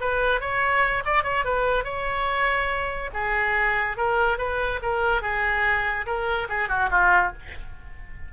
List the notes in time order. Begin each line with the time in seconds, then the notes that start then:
0.00 B4
0.40 C#5
1.05 D5
1.23 C#5
1.44 B4
1.84 C#5
3.13 G#4
3.97 A#4
4.38 B4
4.82 A#4
5.22 G#4
6.06 A#4
6.49 G#4
6.68 F#4
6.90 F4